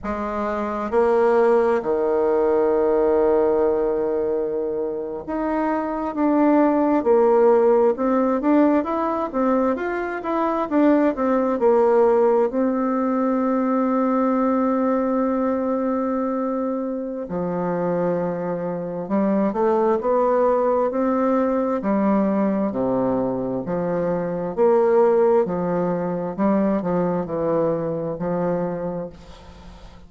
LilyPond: \new Staff \with { instrumentName = "bassoon" } { \time 4/4 \tempo 4 = 66 gis4 ais4 dis2~ | dis4.~ dis16 dis'4 d'4 ais16~ | ais8. c'8 d'8 e'8 c'8 f'8 e'8 d'16~ | d'16 c'8 ais4 c'2~ c'16~ |
c'2. f4~ | f4 g8 a8 b4 c'4 | g4 c4 f4 ais4 | f4 g8 f8 e4 f4 | }